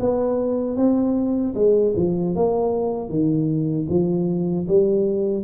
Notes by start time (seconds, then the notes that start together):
0.00 B3
0.77 C4
1.55 G#3
1.96 F3
2.36 A#3
3.09 D#3
3.89 F3
4.68 G3